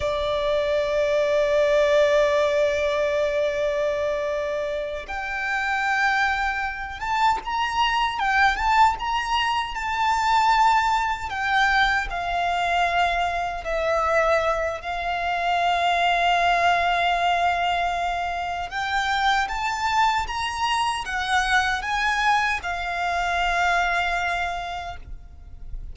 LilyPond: \new Staff \with { instrumentName = "violin" } { \time 4/4 \tempo 4 = 77 d''1~ | d''2~ d''8 g''4.~ | g''4 a''8 ais''4 g''8 a''8 ais''8~ | ais''8 a''2 g''4 f''8~ |
f''4. e''4. f''4~ | f''1 | g''4 a''4 ais''4 fis''4 | gis''4 f''2. | }